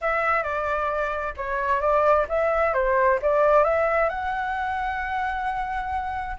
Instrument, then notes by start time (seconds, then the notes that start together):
flute
0.01 E5
0.43 D5
1.36 C#5
1.80 D5
2.29 E5
2.73 C5
3.22 D5
3.64 E5
4.09 F#5